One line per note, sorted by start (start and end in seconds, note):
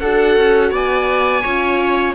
0.00 0.37 D4
0.00 1.44 F#4
0.00 0.71 A4
0.00 0.71 F#5
0.37 0.72 C#4
0.71 1.43 B3
0.71 1.42 D5
0.71 2.15 G#5
1.43 2.15 C#4
1.43 2.15 F4
1.43 2.14 C#5